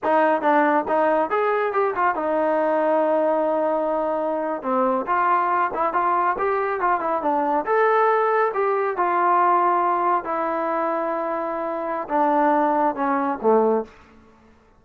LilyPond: \new Staff \with { instrumentName = "trombone" } { \time 4/4 \tempo 4 = 139 dis'4 d'4 dis'4 gis'4 | g'8 f'8 dis'2.~ | dis'2~ dis'8. c'4 f'16~ | f'4~ f'16 e'8 f'4 g'4 f'16~ |
f'16 e'8 d'4 a'2 g'16~ | g'8. f'2. e'16~ | e'1 | d'2 cis'4 a4 | }